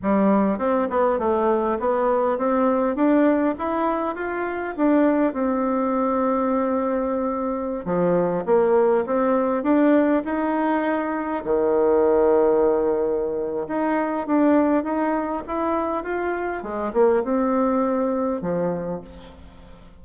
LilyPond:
\new Staff \with { instrumentName = "bassoon" } { \time 4/4 \tempo 4 = 101 g4 c'8 b8 a4 b4 | c'4 d'4 e'4 f'4 | d'4 c'2.~ | c'4~ c'16 f4 ais4 c'8.~ |
c'16 d'4 dis'2 dis8.~ | dis2. dis'4 | d'4 dis'4 e'4 f'4 | gis8 ais8 c'2 f4 | }